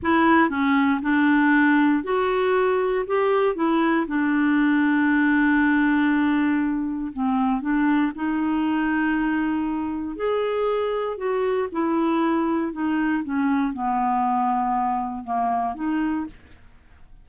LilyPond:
\new Staff \with { instrumentName = "clarinet" } { \time 4/4 \tempo 4 = 118 e'4 cis'4 d'2 | fis'2 g'4 e'4 | d'1~ | d'2 c'4 d'4 |
dis'1 | gis'2 fis'4 e'4~ | e'4 dis'4 cis'4 b4~ | b2 ais4 dis'4 | }